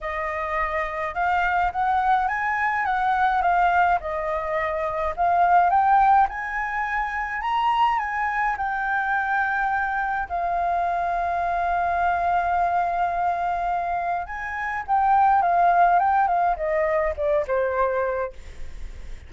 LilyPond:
\new Staff \with { instrumentName = "flute" } { \time 4/4 \tempo 4 = 105 dis''2 f''4 fis''4 | gis''4 fis''4 f''4 dis''4~ | dis''4 f''4 g''4 gis''4~ | gis''4 ais''4 gis''4 g''4~ |
g''2 f''2~ | f''1~ | f''4 gis''4 g''4 f''4 | g''8 f''8 dis''4 d''8 c''4. | }